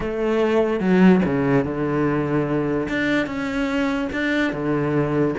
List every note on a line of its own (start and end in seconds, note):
0.00 0.80 A3
0.80 1.21 F#3
1.25 1.64 C#3
1.64 2.88 D3
2.88 3.26 D4
3.26 4.08 C#4
4.12 4.52 D4
4.52 5.35 D3